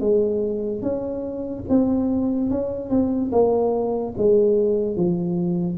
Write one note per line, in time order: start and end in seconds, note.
0.00 0.82 G#3
0.82 1.64 C#4
1.69 2.50 C4
2.50 2.90 C#4
2.90 3.31 C4
3.32 4.14 A#3
4.17 4.96 G#3
4.96 5.77 F3